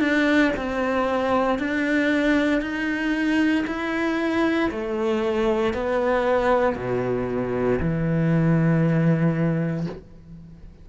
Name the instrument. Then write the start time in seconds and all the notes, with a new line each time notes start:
cello
0.00 D4
0.56 C4
1.59 D4
2.61 D#4
3.67 E4
4.71 A3
5.74 B3
6.76 B2
7.80 E3